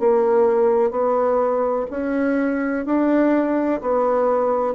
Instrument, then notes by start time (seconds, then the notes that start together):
bassoon
0.00 A#3
0.91 B3
1.91 C#4
2.86 D4
3.82 B3